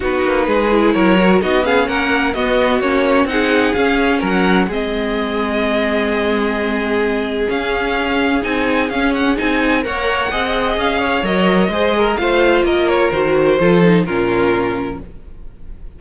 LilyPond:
<<
  \new Staff \with { instrumentName = "violin" } { \time 4/4 \tempo 4 = 128 b'2 cis''4 dis''8 f''8 | fis''4 dis''4 cis''4 fis''4 | f''4 fis''4 dis''2~ | dis''1 |
f''2 gis''4 f''8 fis''8 | gis''4 fis''2 f''4 | dis''2 f''4 dis''8 cis''8 | c''2 ais'2 | }
  \new Staff \with { instrumentName = "violin" } { \time 4/4 fis'4 gis'4 ais'4 fis'8 gis'8 | ais'4 fis'2 gis'4~ | gis'4 ais'4 gis'2~ | gis'1~ |
gis'1~ | gis'4 cis''4 dis''4. cis''8~ | cis''4 c''8 ais'8 c''4 ais'4~ | ais'4 a'4 f'2 | }
  \new Staff \with { instrumentName = "viola" } { \time 4/4 dis'4. e'4 fis'8 dis'8 cis'8~ | cis'4 b4 cis'4 dis'4 | cis'2 c'2~ | c'1 |
cis'2 dis'4 cis'4 | dis'4 ais'4 gis'2 | ais'4 gis'4 f'2 | fis'4 f'8 dis'8 cis'2 | }
  \new Staff \with { instrumentName = "cello" } { \time 4/4 b8 ais8 gis4 fis4 b4 | ais4 b4 ais4 c'4 | cis'4 fis4 gis2~ | gis1 |
cis'2 c'4 cis'4 | c'4 ais4 c'4 cis'4 | fis4 gis4 a4 ais4 | dis4 f4 ais,2 | }
>>